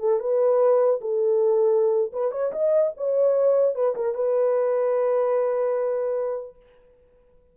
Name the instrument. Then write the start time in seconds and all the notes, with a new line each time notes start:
horn
0.00 A4
0.20 B4
1.02 A4
2.13 B4
2.32 C#5
2.53 D#5
2.97 C#5
3.75 B4
3.96 A#4
4.15 B4